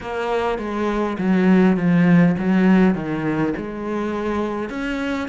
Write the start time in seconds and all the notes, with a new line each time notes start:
0.00 A#3
0.58 G#3
1.18 F#3
1.76 F3
2.38 F#3
2.94 D#3
3.57 G#3
4.70 C#4